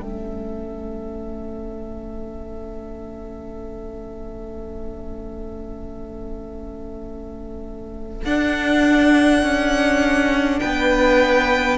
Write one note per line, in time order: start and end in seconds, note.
0.00 8.24 A3
0.00 8.27 C#4
0.00 10.61 A4
0.00 8.25 E5
8.25 9.43 D4
8.25 11.78 D4
8.25 10.60 F#5
9.43 10.61 C#4
10.60 11.78 B3
10.60 11.78 B4
10.60 11.77 G5